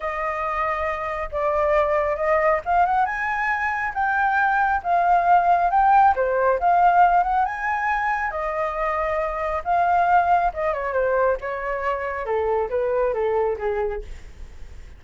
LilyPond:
\new Staff \with { instrumentName = "flute" } { \time 4/4 \tempo 4 = 137 dis''2. d''4~ | d''4 dis''4 f''8 fis''8 gis''4~ | gis''4 g''2 f''4~ | f''4 g''4 c''4 f''4~ |
f''8 fis''8 gis''2 dis''4~ | dis''2 f''2 | dis''8 cis''8 c''4 cis''2 | a'4 b'4 a'4 gis'4 | }